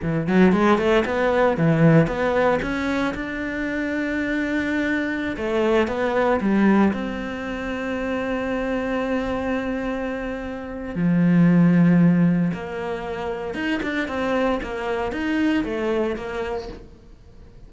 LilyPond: \new Staff \with { instrumentName = "cello" } { \time 4/4 \tempo 4 = 115 e8 fis8 gis8 a8 b4 e4 | b4 cis'4 d'2~ | d'2~ d'16 a4 b8.~ | b16 g4 c'2~ c'8.~ |
c'1~ | c'4 f2. | ais2 dis'8 d'8 c'4 | ais4 dis'4 a4 ais4 | }